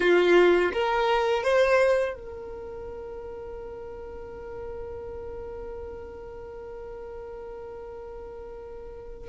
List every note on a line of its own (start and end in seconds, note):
0.00 0.71 F4
0.72 1.43 A#4
1.43 2.14 C5
2.15 9.29 A#4